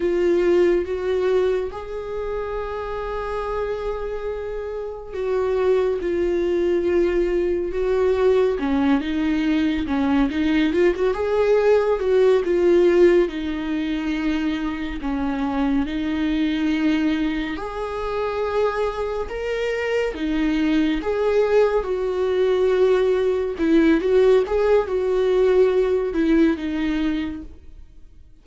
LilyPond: \new Staff \with { instrumentName = "viola" } { \time 4/4 \tempo 4 = 70 f'4 fis'4 gis'2~ | gis'2 fis'4 f'4~ | f'4 fis'4 cis'8 dis'4 cis'8 | dis'8 f'16 fis'16 gis'4 fis'8 f'4 dis'8~ |
dis'4. cis'4 dis'4.~ | dis'8 gis'2 ais'4 dis'8~ | dis'8 gis'4 fis'2 e'8 | fis'8 gis'8 fis'4. e'8 dis'4 | }